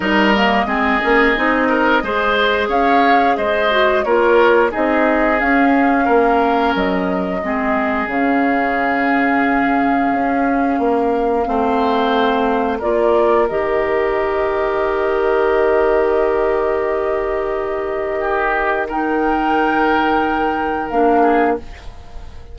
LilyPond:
<<
  \new Staff \with { instrumentName = "flute" } { \time 4/4 \tempo 4 = 89 dis''1 | f''4 dis''4 cis''4 dis''4 | f''2 dis''2 | f''1~ |
f''2. d''4 | dis''1~ | dis''1 | g''2. f''4 | }
  \new Staff \with { instrumentName = "oboe" } { \time 4/4 ais'4 gis'4. ais'8 c''4 | cis''4 c''4 ais'4 gis'4~ | gis'4 ais'2 gis'4~ | gis'1 |
ais'4 c''2 ais'4~ | ais'1~ | ais'2. g'4 | ais'2.~ ais'8 gis'8 | }
  \new Staff \with { instrumentName = "clarinet" } { \time 4/4 dis'8 ais8 c'8 cis'8 dis'4 gis'4~ | gis'4. fis'8 f'4 dis'4 | cis'2. c'4 | cis'1~ |
cis'4 c'2 f'4 | g'1~ | g'1 | dis'2. d'4 | }
  \new Staff \with { instrumentName = "bassoon" } { \time 4/4 g4 gis8 ais8 c'4 gis4 | cis'4 gis4 ais4 c'4 | cis'4 ais4 fis4 gis4 | cis2. cis'4 |
ais4 a2 ais4 | dis1~ | dis1~ | dis2. ais4 | }
>>